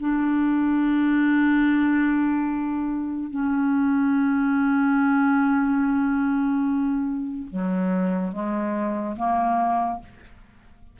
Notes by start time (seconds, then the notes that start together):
0.00 D4
3.30 C#4
7.50 F#3
8.32 G#3
9.16 A#3